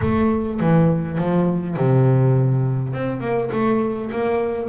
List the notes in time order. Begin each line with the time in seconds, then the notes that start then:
0.01 A3
0.60 E3
1.18 F3
1.76 C3
2.93 C4
3.20 A#3
3.51 A3
4.11 A#3